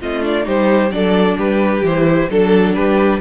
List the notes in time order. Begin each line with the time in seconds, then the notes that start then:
0.00 A3 C4 F4 D#5
0.23 D4 D5
0.43 G3 D#4 G4 C5
0.90 F#3 D4 A4 D5
1.38 G3 G4 B4
1.81 E3 E4 C5
2.30 F#3 D4 A4
2.74 G3 G4 B4